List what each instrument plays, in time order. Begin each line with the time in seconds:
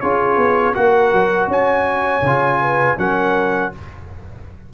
0.00 tuba C#4, trombone F4, horn G#4, trumpet C#5
0.36 tuba B3
0.74 tuba A#3, trombone F#4, horn A#4, trumpet F#5
1.12 tuba F#3
1.47 tuba C#4, horn C#5, trumpet G#5
2.21 tuba C#3, trombone F4
2.61 horn B4
2.97 tuba F#3, trombone C#4, horn A#4, trumpet F#5